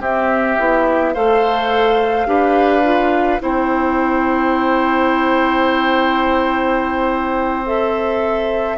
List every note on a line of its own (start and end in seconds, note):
0.00 0.57 C4
0.00 0.59 C4
0.00 1.14 G4
0.00 1.14 E5
0.59 1.16 B3
0.59 1.15 E4
1.14 2.26 A3
1.14 2.26 A4
1.14 2.27 C5
1.14 3.41 F5
2.26 3.40 D4
2.26 2.83 G4
2.26 3.42 B4
2.83 3.40 F4
3.40 8.78 C4
3.40 7.64 E4
3.40 8.78 C5
3.40 7.67 G5
7.65 8.78 A4
7.65 8.78 E5